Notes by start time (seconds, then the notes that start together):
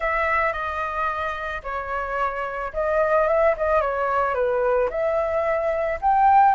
0.00 E5
0.53 D#5
1.63 C#5
2.73 D#5
3.27 E5
3.57 D#5
3.81 C#5
4.34 B4
4.90 E5
6.01 G5